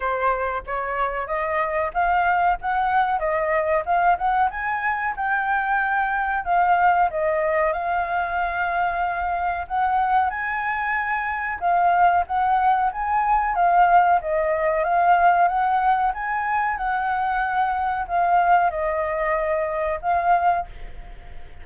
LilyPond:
\new Staff \with { instrumentName = "flute" } { \time 4/4 \tempo 4 = 93 c''4 cis''4 dis''4 f''4 | fis''4 dis''4 f''8 fis''8 gis''4 | g''2 f''4 dis''4 | f''2. fis''4 |
gis''2 f''4 fis''4 | gis''4 f''4 dis''4 f''4 | fis''4 gis''4 fis''2 | f''4 dis''2 f''4 | }